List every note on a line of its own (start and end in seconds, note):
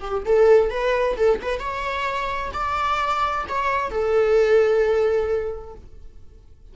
0.00 0.23 G4
0.25 0.70 A4
0.70 1.16 B4
1.16 1.39 A4
1.42 1.59 B4
1.59 2.52 C#5
2.53 3.45 D5
3.48 3.90 C#5
3.90 5.75 A4